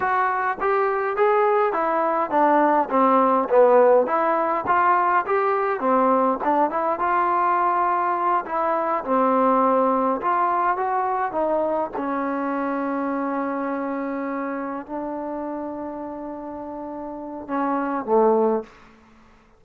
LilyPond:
\new Staff \with { instrumentName = "trombone" } { \time 4/4 \tempo 4 = 103 fis'4 g'4 gis'4 e'4 | d'4 c'4 b4 e'4 | f'4 g'4 c'4 d'8 e'8 | f'2~ f'8 e'4 c'8~ |
c'4. f'4 fis'4 dis'8~ | dis'8 cis'2.~ cis'8~ | cis'4. d'2~ d'8~ | d'2 cis'4 a4 | }